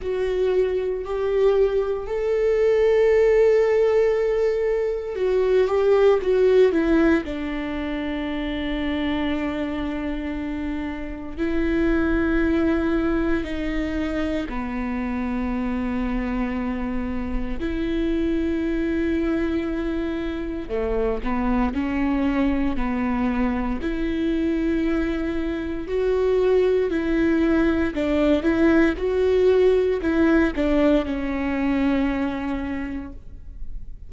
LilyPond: \new Staff \with { instrumentName = "viola" } { \time 4/4 \tempo 4 = 58 fis'4 g'4 a'2~ | a'4 fis'8 g'8 fis'8 e'8 d'4~ | d'2. e'4~ | e'4 dis'4 b2~ |
b4 e'2. | a8 b8 cis'4 b4 e'4~ | e'4 fis'4 e'4 d'8 e'8 | fis'4 e'8 d'8 cis'2 | }